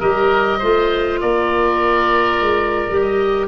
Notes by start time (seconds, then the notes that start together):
0.00 G3 G4 A#4 D#5
0.59 A3 F4 C5
1.21 A#3 A#4 D5
2.41 G#3
2.90 G3 G4
3.01 D#5